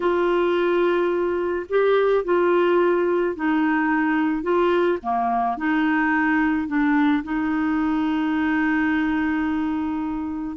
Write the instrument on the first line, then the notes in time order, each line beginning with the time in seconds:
clarinet
0.00 F4
1.69 G4
2.24 F4
3.35 D#4
4.43 F4
5.02 A#3
5.57 D#4
6.67 D4
7.23 D#4